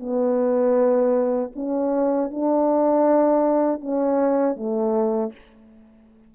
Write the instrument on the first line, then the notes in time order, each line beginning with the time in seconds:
horn
0.00 B3
1.56 C#4
2.31 D4
3.81 C#4
4.56 A3